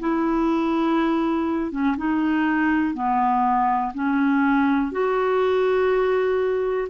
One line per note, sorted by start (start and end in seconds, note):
0.00 1.72 E4
1.72 1.96 C#4
1.98 2.94 D#4
2.94 3.93 B3
3.94 4.92 C#4
4.92 6.89 F#4